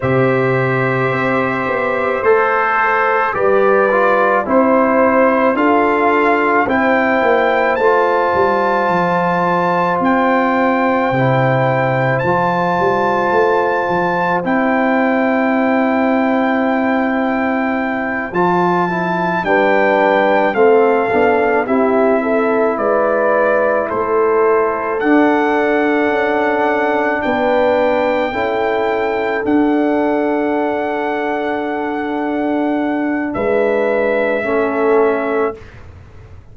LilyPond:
<<
  \new Staff \with { instrumentName = "trumpet" } { \time 4/4 \tempo 4 = 54 e''2 c''4 d''4 | c''4 f''4 g''4 a''4~ | a''4 g''2 a''4~ | a''4 g''2.~ |
g''8 a''4 g''4 f''4 e''8~ | e''8 d''4 c''4 fis''4.~ | fis''8 g''2 fis''4.~ | fis''2 e''2 | }
  \new Staff \with { instrumentName = "horn" } { \time 4/4 c''2. b'4 | c''4 a'4 c''2~ | c''1~ | c''1~ |
c''4. b'4 a'4 g'8 | a'8 b'4 a'2~ a'8~ | a'8 b'4 a'2~ a'8~ | a'2 b'4 a'4 | }
  \new Staff \with { instrumentName = "trombone" } { \time 4/4 g'2 a'4 g'8 f'8 | e'4 f'4 e'4 f'4~ | f'2 e'4 f'4~ | f'4 e'2.~ |
e'8 f'8 e'8 d'4 c'8 d'8 e'8~ | e'2~ e'8 d'4.~ | d'4. e'4 d'4.~ | d'2. cis'4 | }
  \new Staff \with { instrumentName = "tuba" } { \time 4/4 c4 c'8 b8 a4 g4 | c'4 d'4 c'8 ais8 a8 g8 | f4 c'4 c4 f8 g8 | a8 f8 c'2.~ |
c'8 f4 g4 a8 b8 c'8~ | c'8 gis4 a4 d'4 cis'8~ | cis'8 b4 cis'4 d'4.~ | d'2 gis4 a4 | }
>>